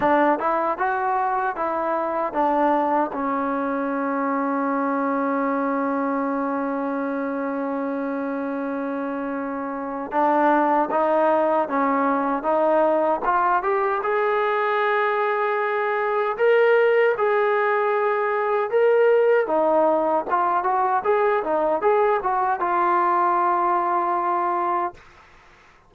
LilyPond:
\new Staff \with { instrumentName = "trombone" } { \time 4/4 \tempo 4 = 77 d'8 e'8 fis'4 e'4 d'4 | cis'1~ | cis'1~ | cis'4 d'4 dis'4 cis'4 |
dis'4 f'8 g'8 gis'2~ | gis'4 ais'4 gis'2 | ais'4 dis'4 f'8 fis'8 gis'8 dis'8 | gis'8 fis'8 f'2. | }